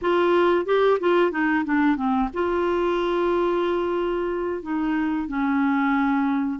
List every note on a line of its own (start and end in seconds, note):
0.01 0.65 F4
0.65 0.98 G4
1.00 1.31 F4
1.31 1.64 D#4
1.65 1.96 D4
1.96 2.29 C4
2.33 4.62 F4
4.62 5.28 D#4
5.28 6.59 C#4